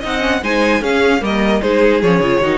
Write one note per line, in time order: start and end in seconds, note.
0.00 0.42 C4
0.00 0.20 D#4
0.00 0.40 D#5
0.00 0.44 F#5
0.20 0.40 C#4
0.42 0.81 G#3
0.42 0.81 D#4
0.42 0.81 C5
0.42 0.83 G#5
0.81 1.21 C#4
0.81 1.20 C#4
0.81 1.21 G#4
0.81 1.23 F5
1.20 1.61 G3
1.20 1.60 A#3
1.20 1.62 A#4
1.20 1.61 D#5
1.61 2.02 G#3
1.61 2.02 D#4
1.61 2.41 G#4
1.61 2.01 C5
2.02 2.20 F3
2.02 2.22 C#4
2.02 2.58 C#5
2.20 2.40 C#3
2.20 2.42 F4
2.40 2.58 D#3
2.40 2.58 D#4
2.40 2.58 F#4